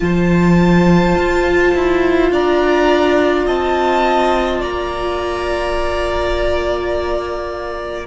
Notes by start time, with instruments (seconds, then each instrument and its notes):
0.00 cello F3, viola F4, violin C5 A5
1.15 cello F4
1.74 cello E4
2.31 cello D4, violin D5 A#5
3.46 cello C4, violin D#5 A5
4.60 cello A#3, violin D5 A#5